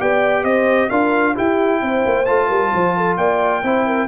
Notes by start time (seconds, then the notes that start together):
0.00 B3 G4 D5 G5
0.44 C4 C5 D#5
0.89 D4 F4 A#4 F5
1.35 E4 G4 G5
1.82 C4 C5
2.06 A#3
2.26 A3 F4 A5
2.48 G3 A#4
2.74 F3 C5
2.97 A4
3.17 A#3 D5 G5
3.63 C4 E4 C5
3.87 A#4